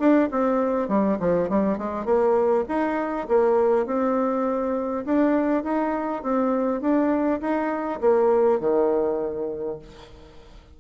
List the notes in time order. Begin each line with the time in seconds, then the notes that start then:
0.00 D4
0.32 C4
0.89 G3
1.20 F3
1.49 G3
1.78 G#3
2.05 A#3
2.68 D#4
3.29 A#3
3.86 C4
5.05 D4
5.64 D#4
6.23 C4
6.81 D4
7.41 D#4
8.01 A#3
8.60 D#3